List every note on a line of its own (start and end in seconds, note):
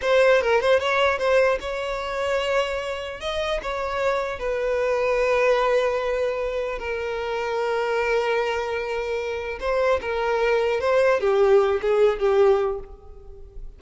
0.01 0.41 C5
0.41 0.60 A#4
0.60 0.79 C5
0.79 1.18 C#5
1.18 1.58 C5
1.60 3.20 C#5
3.20 3.60 D#5
3.62 4.39 C#5
4.39 6.79 B4
6.79 9.59 A#4
9.59 9.99 C5
10.01 10.80 A#4
10.80 11.20 C5
11.20 11.80 G4
11.81 12.19 G#4
12.19 12.79 G4